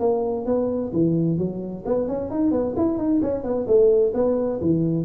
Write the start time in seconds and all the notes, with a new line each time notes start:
0.00 A#3
0.46 B3
0.93 E3
1.38 F#3
1.86 B3
2.08 C#4
2.31 D#4
2.52 B3
2.77 E4
2.99 D#4
3.22 C#4
3.44 B3
3.67 A3
4.15 B3
4.62 E3